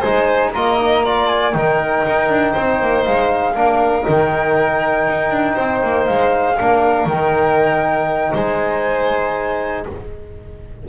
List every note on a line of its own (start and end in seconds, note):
0.00 0.55 G#3
0.00 0.55 D#4
0.00 0.50 C5
0.00 0.51 G#5
0.53 1.55 A#3
0.53 0.79 F4
0.53 1.05 D#5
0.53 1.28 A#5
0.79 1.04 D#4
1.05 1.53 F4
1.05 1.55 D5
1.28 1.53 G#5
1.53 2.05 D#3
1.53 3.55 D#4
1.53 2.52 A#4
1.53 3.04 G5
2.07 2.30 D#4
2.30 2.55 D4
2.52 2.81 C4
2.52 3.53 C5
2.81 3.06 A#3
3.05 3.55 G#3
3.05 4.06 F5
3.55 4.06 A#3
3.55 4.03 D4
3.55 5.55 A#4
4.03 5.09 D#3
4.03 6.55 D#4
4.09 6.06 G5
5.09 5.31 D#4
5.31 5.56 D4
5.55 5.82 C4
5.55 6.56 C5
5.83 6.08 A#3
6.06 6.59 G#3
6.06 7.07 F5
6.56 7.06 A#3
6.56 7.10 D4
6.56 8.32 A#4
7.06 8.32 D#3
7.06 9.89 D#4
7.06 8.34 G5
8.33 9.86 G#3
8.33 9.84 C5
8.33 9.88 G#5